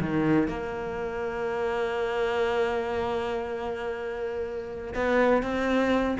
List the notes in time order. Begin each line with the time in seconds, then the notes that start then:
0.00 D#3
0.47 A#3
4.94 B3
5.42 C4